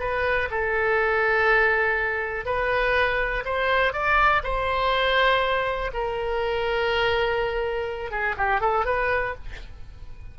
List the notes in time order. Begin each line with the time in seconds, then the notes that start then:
0.00 B4
0.51 A4
2.45 B4
3.45 C5
3.93 D5
4.44 C5
5.94 A#4
8.11 G#4
8.37 G4
8.61 A4
8.86 B4